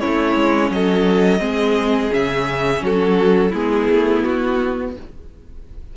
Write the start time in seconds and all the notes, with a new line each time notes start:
0.00 C#4 E4 C#5
0.06 A3
0.36 G#3
0.71 F#3 A4 D#5
1.39 G#3 C4 G#4
2.11 C#3 C#4 E5
2.82 F#3 F#4 A4
3.50 G#3 B3 E4 G#4
3.90 A3
4.24 B3 F#4